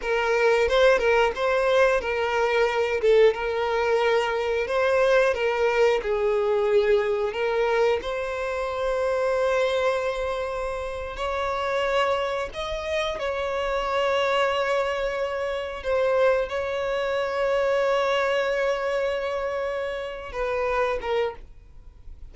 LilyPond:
\new Staff \with { instrumentName = "violin" } { \time 4/4 \tempo 4 = 90 ais'4 c''8 ais'8 c''4 ais'4~ | ais'8 a'8 ais'2 c''4 | ais'4 gis'2 ais'4 | c''1~ |
c''8. cis''2 dis''4 cis''16~ | cis''2.~ cis''8. c''16~ | c''8. cis''2.~ cis''16~ | cis''2~ cis''8 b'4 ais'8 | }